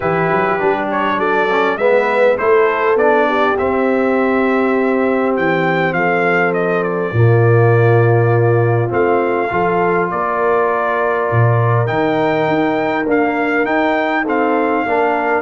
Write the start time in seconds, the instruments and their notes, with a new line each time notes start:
0.00 tuba E3, trombone E4, horn G4, trumpet B4
0.31 tuba F#3
0.59 tuba G3, trombone D4
0.90 trumpet C#5
1.17 tuba F#3, horn A4, trumpet D5
1.50 trombone C#4
1.76 tuba G#3, trombone B3, horn B4, trumpet E5
2.37 tuba A3, trombone E4, horn A4, trumpet C5
2.95 tuba B3, trombone D4, trumpet D5
3.28 horn G4
3.58 trombone C4, tuba C4, trumpet E5
5.36 tuba E3, trumpet G5
5.92 tuba F3, horn A4, trumpet F5
6.53 trumpet D#5
6.83 trumpet D5
7.12 tuba A#2, trombone A#3, horn F4
8.88 tuba A3, trombone C4, trumpet F5
9.50 tuba F3, trombone F4, horn A4
10.10 tuba A#3, horn A#4, trumpet D5
11.31 tuba A#2
11.86 tuba D#3, trombone D#4, trumpet G5
12.48 tuba D#4
13.05 trombone A#3, tuba D4, trumpet F5
13.65 trombone D#4, tuba D#4, trumpet G5
14.24 trombone C4, horn A4, trumpet F5
14.86 tuba A#3, trombone D4, horn A#4